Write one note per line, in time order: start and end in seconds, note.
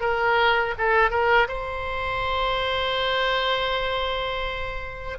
0.00 0.74 A#4
0.78 1.10 A4
1.10 1.47 A#4
1.47 5.18 C5